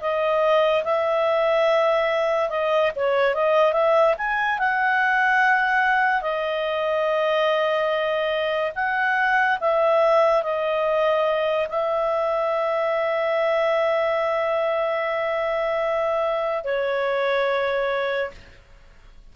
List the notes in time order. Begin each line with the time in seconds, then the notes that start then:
0.00 D#5
0.84 E5
2.50 D#5
2.95 C#5
3.34 D#5
3.73 E5
4.17 G#5
4.59 F#5
6.22 D#5
8.75 F#5
9.60 E5
10.42 D#5
11.69 E5
16.64 C#5